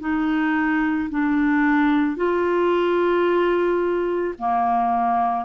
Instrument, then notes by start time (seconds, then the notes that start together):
clarinet
0.00 D#4
1.10 D4
2.16 F4
4.38 A#3